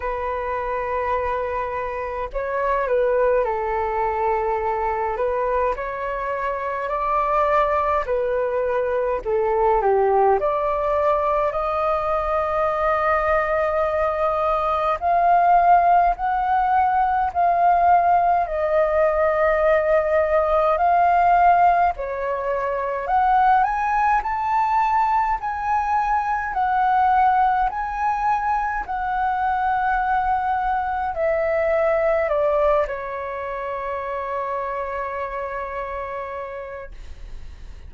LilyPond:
\new Staff \with { instrumentName = "flute" } { \time 4/4 \tempo 4 = 52 b'2 cis''8 b'8 a'4~ | a'8 b'8 cis''4 d''4 b'4 | a'8 g'8 d''4 dis''2~ | dis''4 f''4 fis''4 f''4 |
dis''2 f''4 cis''4 | fis''8 gis''8 a''4 gis''4 fis''4 | gis''4 fis''2 e''4 | d''8 cis''2.~ cis''8 | }